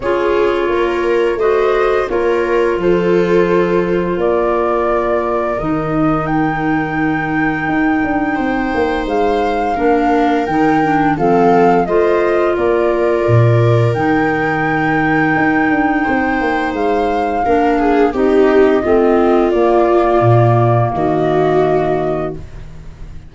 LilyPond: <<
  \new Staff \with { instrumentName = "flute" } { \time 4/4 \tempo 4 = 86 cis''2 dis''4 cis''4 | c''2 d''2 | dis''4 g''2.~ | g''4 f''2 g''4 |
f''4 dis''4 d''2 | g''1 | f''2 dis''2 | d''2 dis''2 | }
  \new Staff \with { instrumentName = "viola" } { \time 4/4 gis'4 ais'4 c''4 ais'4 | a'2 ais'2~ | ais'1 | c''2 ais'2 |
a'4 c''4 ais'2~ | ais'2. c''4~ | c''4 ais'8 gis'8 g'4 f'4~ | f'2 fis'2 | }
  \new Staff \with { instrumentName = "clarinet" } { \time 4/4 f'2 fis'4 f'4~ | f'1 | dis'1~ | dis'2 d'4 dis'8 d'8 |
c'4 f'2. | dis'1~ | dis'4 d'4 dis'4 c'4 | ais1 | }
  \new Staff \with { instrumentName = "tuba" } { \time 4/4 cis'4 ais4 a4 ais4 | f2 ais2 | dis2. dis'8 d'8 | c'8 ais8 gis4 ais4 dis4 |
f4 a4 ais4 ais,4 | dis2 dis'8 d'8 c'8 ais8 | gis4 ais4 c'4 a4 | ais4 ais,4 dis2 | }
>>